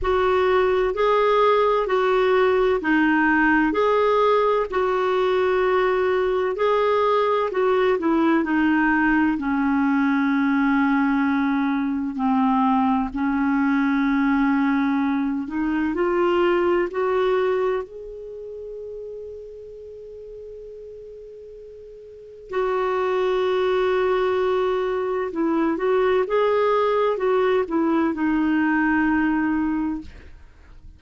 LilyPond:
\new Staff \with { instrumentName = "clarinet" } { \time 4/4 \tempo 4 = 64 fis'4 gis'4 fis'4 dis'4 | gis'4 fis'2 gis'4 | fis'8 e'8 dis'4 cis'2~ | cis'4 c'4 cis'2~ |
cis'8 dis'8 f'4 fis'4 gis'4~ | gis'1 | fis'2. e'8 fis'8 | gis'4 fis'8 e'8 dis'2 | }